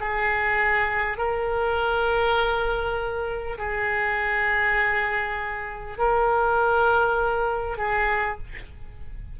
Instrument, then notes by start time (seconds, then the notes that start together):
oboe
0.00 G#4
1.17 A#4
3.58 G#4
5.98 A#4
7.78 G#4